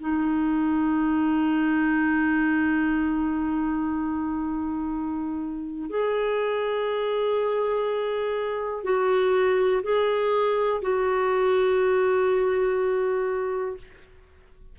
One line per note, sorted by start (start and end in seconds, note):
0.00 5.90 D#4
5.90 8.84 G#4
8.84 9.82 F#4
9.83 10.82 G#4
10.82 13.77 F#4